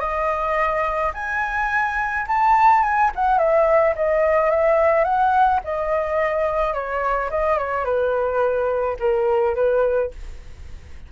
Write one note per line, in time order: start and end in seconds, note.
0.00 1.12 D#5
1.14 2.26 G#5
2.28 2.83 A5
2.83 3.11 G#5
3.16 3.38 F#5
3.38 3.94 E5
3.96 4.50 D#5
4.50 5.04 E5
5.04 5.60 F#5
5.64 6.74 D#5
6.74 7.30 C#5
7.30 7.58 D#5
7.58 7.85 C#5
7.85 8.97 B4
8.99 9.55 A#4
9.55 10.11 B4